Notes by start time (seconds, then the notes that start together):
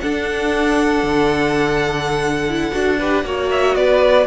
0.00 D4 A4 F#5
1.03 D3
2.48 E4
2.71 D4 F#4
2.98 G4 B4
3.24 A#3 F#4 C#5
3.50 E5
3.75 B3 B4 D5